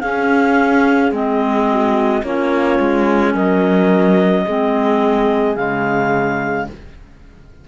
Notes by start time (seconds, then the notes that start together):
0.00 C#4 G#4 F5
1.11 G#3 C4 D#5
1.71 F#4
2.23 A#3 C#4 F4 C#5
2.79 G#3
3.34 F#3 A#4 D#5
4.45 G#3 C4 G#4
5.55 C#3 G#3 F5